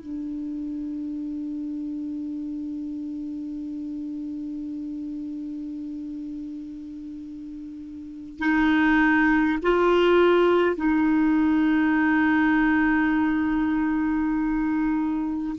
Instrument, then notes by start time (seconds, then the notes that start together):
clarinet
0.00 D4
8.39 D#4
9.62 F4
10.76 D#4